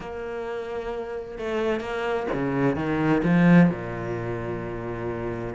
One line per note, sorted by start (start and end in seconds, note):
0.00 1.38 A#3
1.38 1.80 A3
1.80 2.26 A#3
2.33 2.75 C#3
2.75 3.21 D#3
3.23 3.69 F3
3.69 5.54 A#2